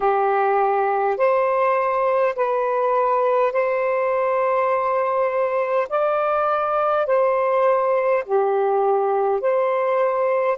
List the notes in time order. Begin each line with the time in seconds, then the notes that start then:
0.00 G4
1.17 C5
2.35 B4
3.52 C5
5.89 D5
7.06 C5
8.24 G4
9.41 C5